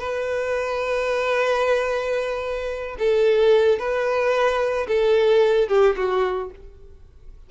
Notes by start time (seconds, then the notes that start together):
0.00 B4
2.99 A4
3.79 B4
4.88 A4
5.69 G4
5.97 F#4